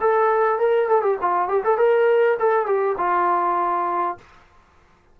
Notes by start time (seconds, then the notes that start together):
0.00 A4
0.59 A#4
0.89 A4
1.02 G4
1.21 F4
1.48 G4
1.64 A4
1.77 A#4
2.39 A4
2.66 G4
2.97 F4